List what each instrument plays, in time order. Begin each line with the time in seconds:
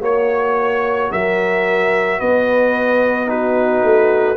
0.00 tuba A#3, trombone F#4, horn C#5, trumpet C#5
1.11 tuba F#3, horn A#4, trumpet E5
2.19 tuba B3, horn B4, trumpet D#5
3.26 trombone D#4, horn F#4, trumpet B4
3.82 tuba A3